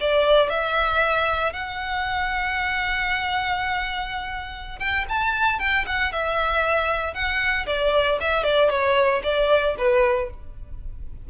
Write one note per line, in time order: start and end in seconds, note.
0.00 0.49 D5
0.49 1.52 E5
1.52 4.78 F#5
4.79 5.05 G5
5.08 5.59 A5
5.59 5.85 G5
5.86 6.12 F#5
6.12 7.14 E5
7.14 7.66 F#5
7.66 8.18 D5
8.20 8.43 E5
8.43 8.69 D5
8.70 9.22 C#5
9.23 9.75 D5
9.78 10.30 B4